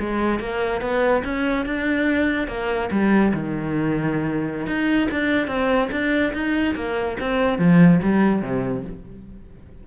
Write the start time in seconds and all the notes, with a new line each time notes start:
0.00 G#3
0.40 A#3
0.81 B3
1.24 C#4
1.66 D4
2.48 A#3
2.91 G3
3.34 D#3
4.67 D#4
5.11 D4
5.48 C4
5.91 D4
6.33 D#4
6.76 A#3
7.20 C4
7.58 F3
8.03 G3
8.42 C3